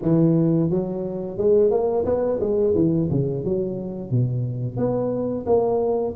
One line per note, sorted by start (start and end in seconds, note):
0.02 0.70 E3
0.70 1.37 F#3
1.37 1.70 G#3
1.70 2.05 A#3
2.05 2.39 B3
2.40 2.74 G#3
2.75 3.09 E3
3.10 3.44 C#3
3.44 4.10 F#3
4.10 4.76 B2
4.76 5.45 B3
5.45 6.14 A#3